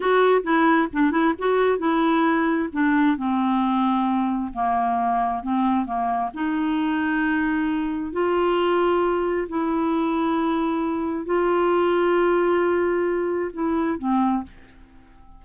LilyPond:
\new Staff \with { instrumentName = "clarinet" } { \time 4/4 \tempo 4 = 133 fis'4 e'4 d'8 e'8 fis'4 | e'2 d'4 c'4~ | c'2 ais2 | c'4 ais4 dis'2~ |
dis'2 f'2~ | f'4 e'2.~ | e'4 f'2.~ | f'2 e'4 c'4 | }